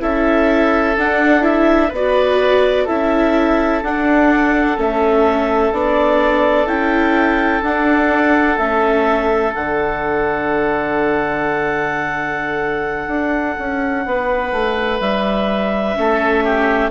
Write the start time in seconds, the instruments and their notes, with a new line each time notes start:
0.00 bassoon C#4, viola E4, oboe A4, clarinet E5
0.97 bassoon D4, viola D4, clarinet F#5
1.42 viola E4, clarinet E5
1.89 bassoon B3, oboe B4
1.95 viola F#4, clarinet D5
2.85 bassoon C#4, viola E4, oboe A4, clarinet E5
3.83 bassoon D4, viola D4, clarinet F#5
4.77 bassoon A3, viola C#4, clarinet E5
5.72 bassoon B3, viola D4, clarinet D5
6.66 bassoon C#4, viola E4, clarinet G5
7.62 bassoon D4, viola D4, clarinet F#5
8.58 bassoon A3, viola C#4, clarinet E5
9.53 bassoon D3, viola D4, clarinet F#5
13.08 bassoon D4
13.59 bassoon C#4
14.06 bassoon B3, oboe B4
14.52 bassoon A3
15.01 bassoon G3, clarinet E5
15.95 bassoon A3, viola C#4, oboe A4
16.44 oboe G4